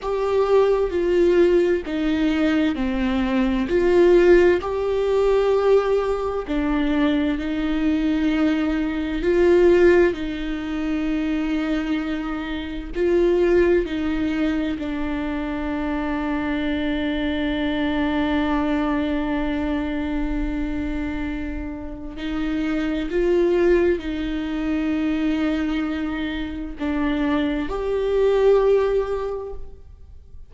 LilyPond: \new Staff \with { instrumentName = "viola" } { \time 4/4 \tempo 4 = 65 g'4 f'4 dis'4 c'4 | f'4 g'2 d'4 | dis'2 f'4 dis'4~ | dis'2 f'4 dis'4 |
d'1~ | d'1 | dis'4 f'4 dis'2~ | dis'4 d'4 g'2 | }